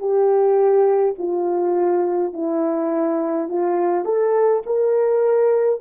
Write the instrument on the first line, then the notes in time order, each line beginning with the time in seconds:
horn
0.00 G4
1.19 F4
2.34 E4
3.49 F4
4.05 A4
4.67 A#4